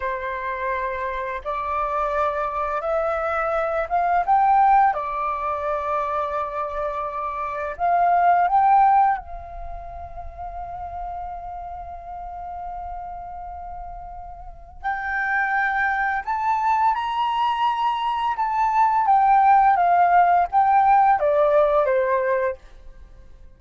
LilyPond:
\new Staff \with { instrumentName = "flute" } { \time 4/4 \tempo 4 = 85 c''2 d''2 | e''4. f''8 g''4 d''4~ | d''2. f''4 | g''4 f''2.~ |
f''1~ | f''4 g''2 a''4 | ais''2 a''4 g''4 | f''4 g''4 d''4 c''4 | }